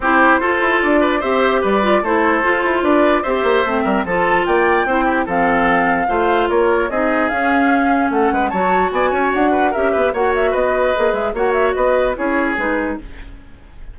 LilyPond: <<
  \new Staff \with { instrumentName = "flute" } { \time 4/4 \tempo 4 = 148 c''2 d''4 e''4 | d''4 c''2 d''4 | e''2 a''4 g''4~ | g''4 f''2. |
cis''4 dis''4 f''2 | fis''4 a''4 gis''4 fis''4 | e''4 fis''8 e''8 dis''4. e''8 | fis''8 e''8 dis''4 cis''4 b'4 | }
  \new Staff \with { instrumentName = "oboe" } { \time 4/4 g'4 a'4. b'8 c''4 | b'4 a'2 b'4 | c''4. ais'8 a'4 d''4 | c''8 g'8 a'2 c''4 |
ais'4 gis'2. | a'8 b'8 cis''4 d''8 cis''4 b'8 | ais'8 b'8 cis''4 b'2 | cis''4 b'4 gis'2 | }
  \new Staff \with { instrumentName = "clarinet" } { \time 4/4 e'4 f'2 g'4~ | g'8 f'8 e'4 f'2 | g'4 c'4 f'2 | e'4 c'2 f'4~ |
f'4 dis'4 cis'2~ | cis'4 fis'2. | g'4 fis'2 gis'4 | fis'2 e'4 dis'4 | }
  \new Staff \with { instrumentName = "bassoon" } { \time 4/4 c'4 f'8 e'8 d'4 c'4 | g4 a4 f'8 e'8 d'4 | c'8 ais8 a8 g8 f4 ais4 | c'4 f2 a4 |
ais4 c'4 cis'2 | a8 gis8 fis4 b8 cis'8 d'4 | cis'8 b8 ais4 b4 ais8 gis8 | ais4 b4 cis'4 gis4 | }
>>